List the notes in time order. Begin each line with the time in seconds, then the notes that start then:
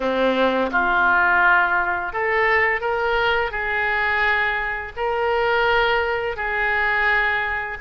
0.00 C4
0.71 F4
2.12 A4
2.80 A#4
3.51 G#4
4.96 A#4
6.36 G#4